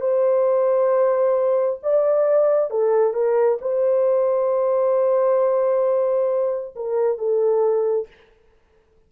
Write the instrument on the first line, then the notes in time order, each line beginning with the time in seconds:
horn
0.00 C5
1.82 D5
2.70 A4
3.13 A#4
3.61 C5
6.75 A#4
7.18 A4